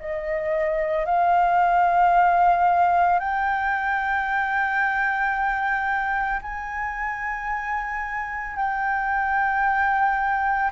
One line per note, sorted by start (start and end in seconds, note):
0.00 1.05 D#5
1.05 3.19 F5
3.19 6.41 G5
6.42 8.56 G#5
8.56 10.70 G5